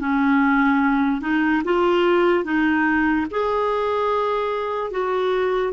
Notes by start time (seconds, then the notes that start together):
0.00 C#4
1.21 D#4
1.65 F4
2.45 D#4
3.31 G#4
4.91 F#4